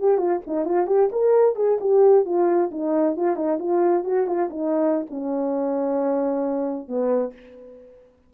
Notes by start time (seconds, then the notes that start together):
0.00 G4
0.18 F4
0.47 D#4
0.66 F4
0.87 G4
1.12 A#4
1.56 G#4
1.81 G4
2.26 F4
2.71 D#4
3.17 F4
3.36 D#4
3.59 F4
4.04 F#4
4.27 F4
4.50 D#4
5.10 C#4
6.88 B3